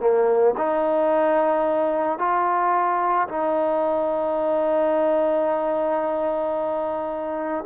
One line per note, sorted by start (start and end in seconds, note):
0.00 0.55 A#3
0.58 2.19 D#4
2.19 3.28 F4
3.28 7.65 D#4